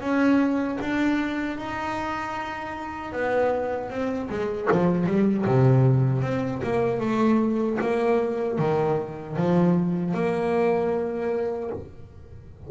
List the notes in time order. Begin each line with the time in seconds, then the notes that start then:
0.00 C#4
0.80 D4
1.57 D#4
3.12 B3
3.90 C4
4.29 G#3
4.71 F3
5.06 G3
5.45 C3
6.22 C4
6.63 A#3
7.00 A3
7.80 A#3
8.58 D#3
9.36 F3
10.14 A#3